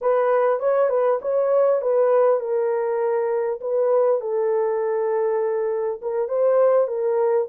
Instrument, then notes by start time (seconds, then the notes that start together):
horn
0.01 B4
0.59 C#5
0.89 B4
1.21 C#5
1.81 B4
2.40 A#4
3.61 B4
4.20 A4
6.01 A#4
6.28 C5
6.87 A#4